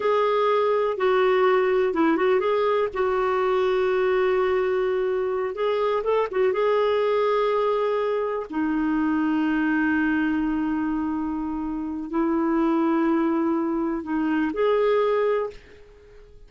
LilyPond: \new Staff \with { instrumentName = "clarinet" } { \time 4/4 \tempo 4 = 124 gis'2 fis'2 | e'8 fis'8 gis'4 fis'2~ | fis'2.~ fis'8 gis'8~ | gis'8 a'8 fis'8 gis'2~ gis'8~ |
gis'4. dis'2~ dis'8~ | dis'1~ | dis'4 e'2.~ | e'4 dis'4 gis'2 | }